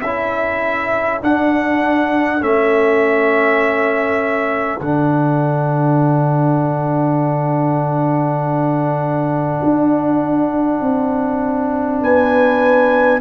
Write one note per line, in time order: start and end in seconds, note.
0.00 1.21 C#4
0.00 1.21 E4
0.00 12.00 A4
0.00 1.21 E5
1.21 2.40 D4
1.21 2.41 D4
1.21 2.43 F#5
2.40 4.80 A3
2.40 4.80 C#4
2.40 4.79 E5
4.79 9.60 D3
4.79 13.21 D4
4.79 12.00 F#5
9.63 10.80 D4
10.80 12.01 C4
12.01 13.21 B3
12.01 13.21 B4
12.01 13.21 G#5